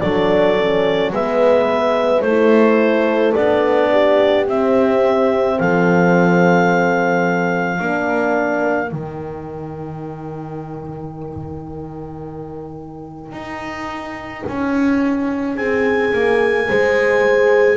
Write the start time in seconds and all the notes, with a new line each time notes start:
0.00 F#3 D4 A4 D5
0.58 C#4
1.13 G#3 B3 B4 E5
2.22 A3 E4 A4 C5
3.34 B3 D4 D5
3.91 G4
4.47 C4 E5
5.59 F3 A4 F5
7.79 A#3 D4 A#4
8.88 D#3 D#4 G5
13.32 D#4
14.48 C#4
15.56 C4 G#4 G#5
16.13 A#3
16.69 G#3 G#4 C5